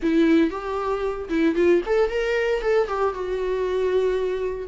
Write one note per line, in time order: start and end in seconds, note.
0.02 0.50 E4
0.50 1.28 G4
1.29 1.55 E4
1.55 1.81 F4
1.85 2.09 A4
2.09 2.61 A#4
2.61 2.87 A4
2.87 3.14 G4
3.14 4.67 F#4